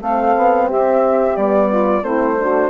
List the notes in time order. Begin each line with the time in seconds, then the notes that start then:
0.00 A3 C4 A4 F5
0.36 B3
0.66 G4 E5
0.72 C4
1.36 G3 B3 D5
1.69 F4
2.02 A3 C4 E4 C5
2.39 D4 F#4